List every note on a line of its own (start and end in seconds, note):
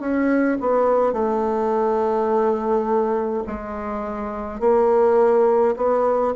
0.00 0.58 C#4
0.60 1.13 B3
1.13 3.44 A3
3.47 4.60 G#3
4.60 5.75 A#3
5.76 6.34 B3